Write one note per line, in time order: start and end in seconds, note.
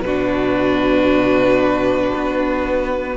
0.00 2.11 B2
0.00 3.17 D4
0.00 3.17 F#4
0.00 3.17 B4
2.14 3.17 B3